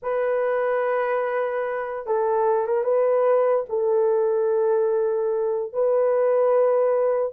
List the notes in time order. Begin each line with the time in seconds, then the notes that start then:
0.02 B4
2.06 A4
2.66 A#4
2.83 B4
3.69 A4
5.72 B4